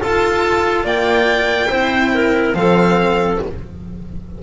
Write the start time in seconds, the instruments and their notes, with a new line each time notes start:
0.00 cello F4, double bass F4, clarinet A4, violin A5
0.83 double bass A#3, clarinet D5, violin G5
1.69 double bass C4, cello E4, clarinet C5
2.14 clarinet A#4
2.54 double bass F3, cello C4, clarinet A4, violin F5